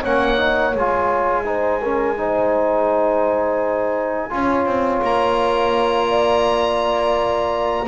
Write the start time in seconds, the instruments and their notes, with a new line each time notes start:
0.00 double bass A#3, trombone C#4, horn C#5, oboe F#5
0.37 trombone D#4
0.75 double bass G#3, trombone F4, oboe G#5
1.45 trombone D#4, horn C5
1.82 trombone C#4, horn A#4
2.17 trombone D#4, horn C5
4.30 double bass C#4, trombone F4, horn C#5
4.66 double bass C4
5.02 double bass A#3, oboe A#5
6.08 horn D5